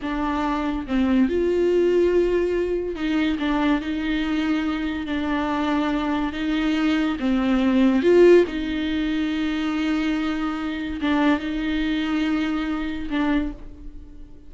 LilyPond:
\new Staff \with { instrumentName = "viola" } { \time 4/4 \tempo 4 = 142 d'2 c'4 f'4~ | f'2. dis'4 | d'4 dis'2. | d'2. dis'4~ |
dis'4 c'2 f'4 | dis'1~ | dis'2 d'4 dis'4~ | dis'2. d'4 | }